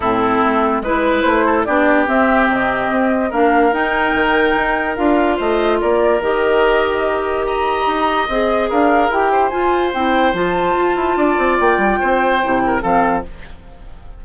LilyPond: <<
  \new Staff \with { instrumentName = "flute" } { \time 4/4 \tempo 4 = 145 a'2 b'4 c''4 | d''4 e''4 dis''2 | f''4 g''2. | f''4 dis''4 d''4 dis''4~ |
dis''2 ais''2 | dis''4 f''4 g''4 gis''4 | g''4 a''2. | g''2. f''4 | }
  \new Staff \with { instrumentName = "oboe" } { \time 4/4 e'2 b'4. a'8 | g'1 | ais'1~ | ais'4 c''4 ais'2~ |
ais'2 dis''2~ | dis''4 ais'4. c''4.~ | c''2. d''4~ | d''4 c''4. ais'8 a'4 | }
  \new Staff \with { instrumentName = "clarinet" } { \time 4/4 c'2 e'2 | d'4 c'2. | d'4 dis'2. | f'2. g'4~ |
g'1 | gis'2 g'4 f'4 | e'4 f'2.~ | f'2 e'4 c'4 | }
  \new Staff \with { instrumentName = "bassoon" } { \time 4/4 a,4 a4 gis4 a4 | b4 c'4 c4 c'4 | ais4 dis'4 dis4 dis'4 | d'4 a4 ais4 dis4~ |
dis2. dis'4 | c'4 d'4 e'4 f'4 | c'4 f4 f'8 e'8 d'8 c'8 | ais8 g8 c'4 c4 f4 | }
>>